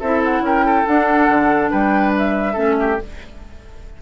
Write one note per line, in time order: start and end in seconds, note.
0.00 0.41 C4
0.00 0.87 E4
0.00 0.42 A4
0.00 0.22 E5
0.24 0.45 F#5
0.41 0.83 C#4
0.41 0.66 A#4
0.41 0.87 G5
0.66 1.71 A4
0.87 2.54 D4
0.87 1.29 D4
0.87 1.71 F#5
1.29 1.71 D3
1.71 2.57 G3
1.71 2.53 B4
1.71 2.14 G5
2.18 3.02 E5
2.53 2.99 A3
2.53 2.97 C#4
2.53 2.74 A4
2.80 3.01 G4